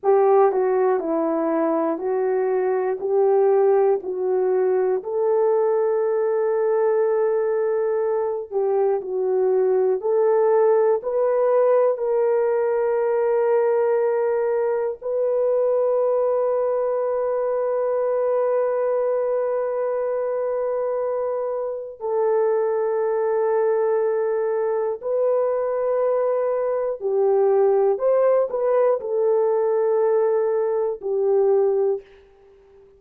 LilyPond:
\new Staff \with { instrumentName = "horn" } { \time 4/4 \tempo 4 = 60 g'8 fis'8 e'4 fis'4 g'4 | fis'4 a'2.~ | a'8 g'8 fis'4 a'4 b'4 | ais'2. b'4~ |
b'1~ | b'2 a'2~ | a'4 b'2 g'4 | c''8 b'8 a'2 g'4 | }